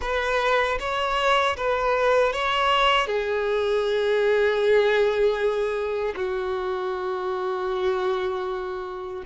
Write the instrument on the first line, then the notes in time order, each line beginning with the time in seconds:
violin
0.01 B4
0.79 C#5
1.56 B4
2.33 C#5
3.06 G#4
6.16 F#4